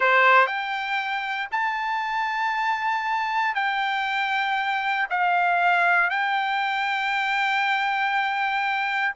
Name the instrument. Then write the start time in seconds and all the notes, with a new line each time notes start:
trumpet
0.00 C5
0.46 G5
1.51 A5
3.54 G5
5.09 F5
6.09 G5